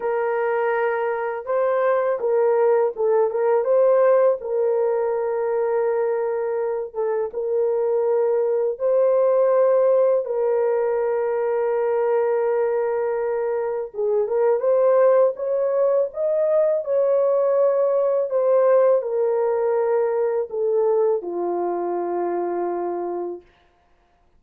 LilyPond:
\new Staff \with { instrumentName = "horn" } { \time 4/4 \tempo 4 = 82 ais'2 c''4 ais'4 | a'8 ais'8 c''4 ais'2~ | ais'4. a'8 ais'2 | c''2 ais'2~ |
ais'2. gis'8 ais'8 | c''4 cis''4 dis''4 cis''4~ | cis''4 c''4 ais'2 | a'4 f'2. | }